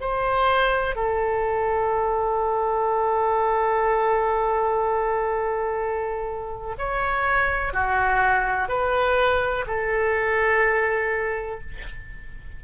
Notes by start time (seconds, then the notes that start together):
0.00 C5
0.95 A4
6.78 C#5
7.73 F#4
8.68 B4
9.66 A4